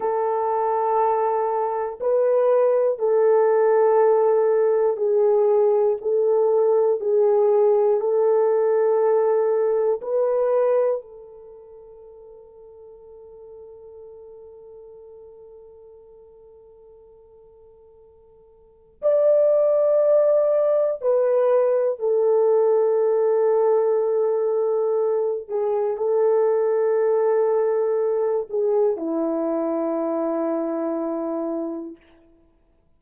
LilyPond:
\new Staff \with { instrumentName = "horn" } { \time 4/4 \tempo 4 = 60 a'2 b'4 a'4~ | a'4 gis'4 a'4 gis'4 | a'2 b'4 a'4~ | a'1~ |
a'2. d''4~ | d''4 b'4 a'2~ | a'4. gis'8 a'2~ | a'8 gis'8 e'2. | }